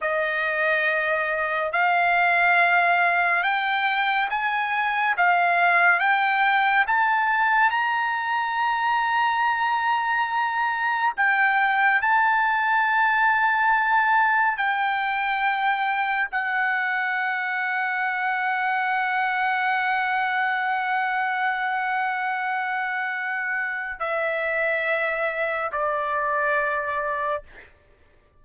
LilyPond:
\new Staff \with { instrumentName = "trumpet" } { \time 4/4 \tempo 4 = 70 dis''2 f''2 | g''4 gis''4 f''4 g''4 | a''4 ais''2.~ | ais''4 g''4 a''2~ |
a''4 g''2 fis''4~ | fis''1~ | fis''1 | e''2 d''2 | }